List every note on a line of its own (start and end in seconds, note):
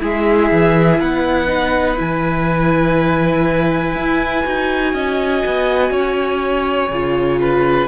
0.00 0.52 G#3
0.00 1.48 E4
0.00 1.00 G#4
0.00 1.01 E5
0.52 1.00 E3
1.00 1.99 B3
1.00 4.93 B4
1.00 1.99 F#5
1.48 1.96 D#4
1.96 3.96 E3
1.96 4.42 E4
1.96 7.88 G#5
3.96 4.45 E4
4.43 4.94 D#4
4.43 6.89 F#4
4.94 5.43 C#4
4.94 5.92 D#5
5.46 5.91 B3
5.91 6.89 C#4
5.91 7.40 C#5
6.89 7.87 C#3
6.89 7.88 F4
7.41 7.88 B4